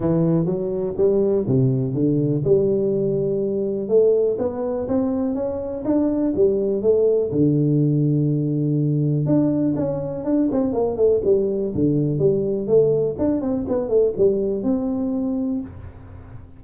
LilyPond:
\new Staff \with { instrumentName = "tuba" } { \time 4/4 \tempo 4 = 123 e4 fis4 g4 c4 | d4 g2. | a4 b4 c'4 cis'4 | d'4 g4 a4 d4~ |
d2. d'4 | cis'4 d'8 c'8 ais8 a8 g4 | d4 g4 a4 d'8 c'8 | b8 a8 g4 c'2 | }